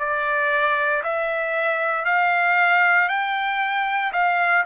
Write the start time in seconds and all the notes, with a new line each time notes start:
0.00 D5
1.04 E5
2.05 F5
3.09 G5
4.13 F5